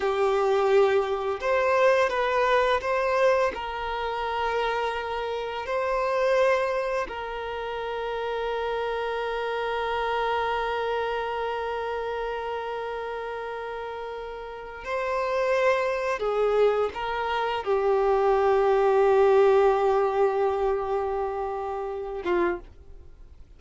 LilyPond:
\new Staff \with { instrumentName = "violin" } { \time 4/4 \tempo 4 = 85 g'2 c''4 b'4 | c''4 ais'2. | c''2 ais'2~ | ais'1~ |
ais'1~ | ais'4 c''2 gis'4 | ais'4 g'2.~ | g'2.~ g'8 f'8 | }